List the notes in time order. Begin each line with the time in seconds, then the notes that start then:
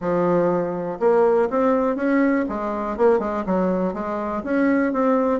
0.00 F3
0.99 A#3
1.50 C4
1.96 C#4
2.48 G#3
2.97 A#3
3.19 G#3
3.46 F#3
3.93 G#3
4.43 C#4
4.92 C4